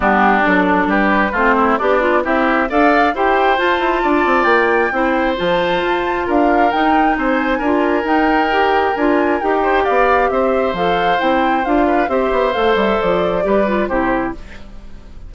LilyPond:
<<
  \new Staff \with { instrumentName = "flute" } { \time 4/4 \tempo 4 = 134 g'4 a'4 b'4 c''4 | d''4 e''4 f''4 g''4 | a''2 g''2 | a''2 f''4 g''4 |
gis''2 g''2 | gis''4 g''4 f''4 e''4 | f''4 g''4 f''4 e''4 | f''8 e''8 d''2 c''4 | }
  \new Staff \with { instrumentName = "oboe" } { \time 4/4 d'2 g'4 f'8 e'8 | d'4 g'4 d''4 c''4~ | c''4 d''2 c''4~ | c''2 ais'2 |
c''4 ais'2.~ | ais'4. c''8 d''4 c''4~ | c''2~ c''8 b'8 c''4~ | c''2 b'4 g'4 | }
  \new Staff \with { instrumentName = "clarinet" } { \time 4/4 b4 d'2 c'4 | g'8 f'8 e'4 a'4 g'4 | f'2. e'4 | f'2. dis'4~ |
dis'4 f'4 dis'4 g'4 | f'4 g'2. | a'4 e'4 f'4 g'4 | a'2 g'8 f'8 e'4 | }
  \new Staff \with { instrumentName = "bassoon" } { \time 4/4 g4 fis4 g4 a4 | b4 c'4 d'4 e'4 | f'8 e'8 d'8 c'8 ais4 c'4 | f4 f'4 d'4 dis'4 |
c'4 d'4 dis'2 | d'4 dis'4 b4 c'4 | f4 c'4 d'4 c'8 b8 | a8 g8 f4 g4 c4 | }
>>